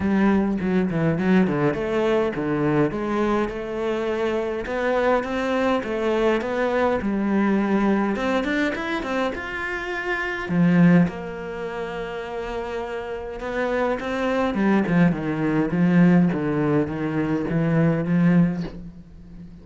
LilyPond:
\new Staff \with { instrumentName = "cello" } { \time 4/4 \tempo 4 = 103 g4 fis8 e8 fis8 d8 a4 | d4 gis4 a2 | b4 c'4 a4 b4 | g2 c'8 d'8 e'8 c'8 |
f'2 f4 ais4~ | ais2. b4 | c'4 g8 f8 dis4 f4 | d4 dis4 e4 f4 | }